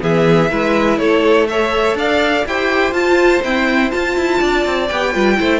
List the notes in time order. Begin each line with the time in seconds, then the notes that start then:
0.00 E3 B3 G#4 E5
0.51 G#3 E4 B4
0.98 A3 A4 C#5
1.48 A4 C#5 E5
1.95 D4 D5 F5
2.46 E4 G4 C5 G5
2.92 F4 A5
3.44 C4 E4 G5
3.90 F4 A5
4.17 E4
4.40 D4 D5
4.66 C4
4.88 B3 G4 G5
5.12 G3 F4 B4
5.37 A3 E4 C5